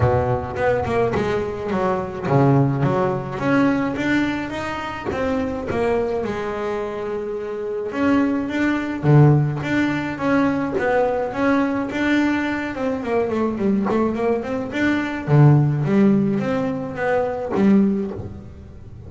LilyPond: \new Staff \with { instrumentName = "double bass" } { \time 4/4 \tempo 4 = 106 b,4 b8 ais8 gis4 fis4 | cis4 fis4 cis'4 d'4 | dis'4 c'4 ais4 gis4~ | gis2 cis'4 d'4 |
d4 d'4 cis'4 b4 | cis'4 d'4. c'8 ais8 a8 | g8 a8 ais8 c'8 d'4 d4 | g4 c'4 b4 g4 | }